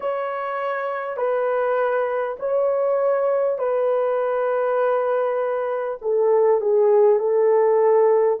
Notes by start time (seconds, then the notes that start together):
0.00 C#5
1.17 B4
2.39 C#5
3.58 B4
6.01 A4
6.60 G#4
7.19 A4